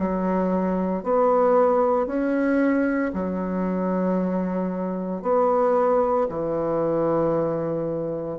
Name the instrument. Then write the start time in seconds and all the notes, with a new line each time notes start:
bassoon
0.00 F#3
1.04 B3
2.07 C#4
3.14 F#3
5.22 B3
6.29 E3